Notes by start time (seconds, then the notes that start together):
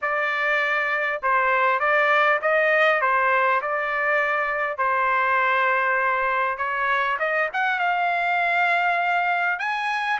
0.01 D5
1.22 C5
1.79 D5
2.41 D#5
3.01 C5
3.61 D5
4.77 C5
6.57 C#5
7.19 D#5
7.53 F#5
7.79 F5
9.59 G#5